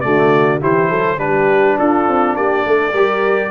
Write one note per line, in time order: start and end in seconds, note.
0.00 0.62 D3
0.00 0.60 A3
0.00 0.60 F#4
0.00 0.58 D5
0.60 0.90 E3
0.60 1.17 E4
0.60 0.89 G4
0.60 1.19 C5
0.89 1.18 F#3
0.89 1.18 A4
1.17 1.76 G3
1.17 2.92 D4
1.17 1.78 G4
1.17 1.77 B4
1.78 2.08 D4
1.78 2.36 F4
1.78 2.36 A4
2.08 2.36 C4
2.36 2.65 A#3
2.36 2.66 G4
2.36 3.50 D5
2.65 2.93 A3
2.65 2.92 A4
2.92 3.50 G3
2.92 3.50 G4
2.92 3.50 A#4